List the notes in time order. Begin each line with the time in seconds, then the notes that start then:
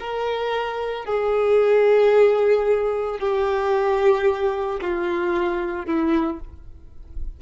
0.00 A#4
1.06 G#4
3.20 G4
4.81 F4
5.86 E4